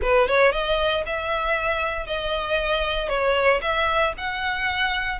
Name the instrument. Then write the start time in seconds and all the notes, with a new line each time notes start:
violin
0.02 B4
0.28 C#5
0.52 D#5
1.06 E5
2.06 D#5
3.08 C#5
3.61 E5
4.17 F#5